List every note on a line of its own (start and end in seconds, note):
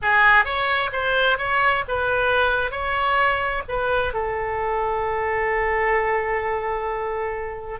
0.01 0.44 G#4
0.44 0.90 C#5
0.92 1.38 C5
1.38 1.83 C#5
1.88 2.71 B4
2.71 3.62 C#5
3.68 4.13 B4
4.13 7.79 A4